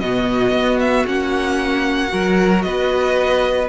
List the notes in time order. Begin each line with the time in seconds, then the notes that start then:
0.00 B2 B3 F#4 D#5
0.52 B3
0.80 E5
1.06 A#3 C#4 F#5
2.08 F#3 F#4 A#4
2.62 B3 B4 D#5